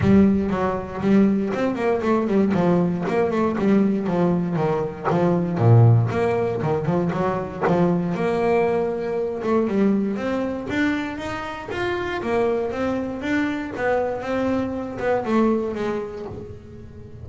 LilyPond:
\new Staff \with { instrumentName = "double bass" } { \time 4/4 \tempo 4 = 118 g4 fis4 g4 c'8 ais8 | a8 g8 f4 ais8 a8 g4 | f4 dis4 f4 ais,4 | ais4 dis8 f8 fis4 f4 |
ais2~ ais8 a8 g4 | c'4 d'4 dis'4 f'4 | ais4 c'4 d'4 b4 | c'4. b8 a4 gis4 | }